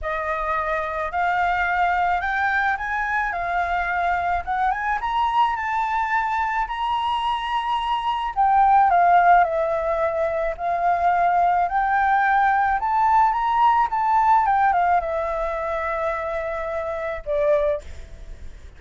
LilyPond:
\new Staff \with { instrumentName = "flute" } { \time 4/4 \tempo 4 = 108 dis''2 f''2 | g''4 gis''4 f''2 | fis''8 gis''8 ais''4 a''2 | ais''2. g''4 |
f''4 e''2 f''4~ | f''4 g''2 a''4 | ais''4 a''4 g''8 f''8 e''4~ | e''2. d''4 | }